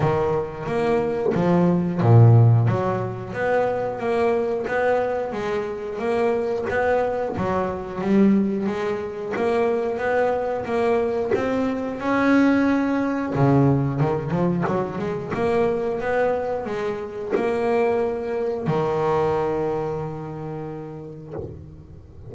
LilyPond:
\new Staff \with { instrumentName = "double bass" } { \time 4/4 \tempo 4 = 90 dis4 ais4 f4 ais,4 | fis4 b4 ais4 b4 | gis4 ais4 b4 fis4 | g4 gis4 ais4 b4 |
ais4 c'4 cis'2 | cis4 dis8 f8 fis8 gis8 ais4 | b4 gis4 ais2 | dis1 | }